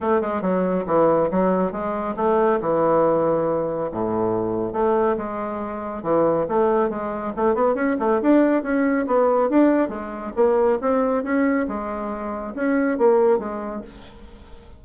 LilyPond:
\new Staff \with { instrumentName = "bassoon" } { \time 4/4 \tempo 4 = 139 a8 gis8 fis4 e4 fis4 | gis4 a4 e2~ | e4 a,2 a4 | gis2 e4 a4 |
gis4 a8 b8 cis'8 a8 d'4 | cis'4 b4 d'4 gis4 | ais4 c'4 cis'4 gis4~ | gis4 cis'4 ais4 gis4 | }